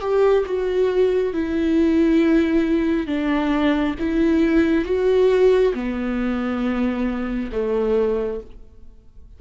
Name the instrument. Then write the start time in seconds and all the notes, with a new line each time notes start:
viola
0.00 G4
0.46 F#4
1.33 E4
3.06 D4
3.99 E4
4.85 F#4
5.74 B3
7.52 A3